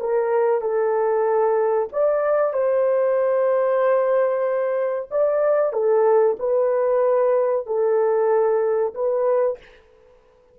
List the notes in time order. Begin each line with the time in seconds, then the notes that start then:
0.00 A#4
0.61 A4
1.93 D5
2.53 C5
5.11 D5
5.73 A4
6.39 B4
7.67 A4
8.94 B4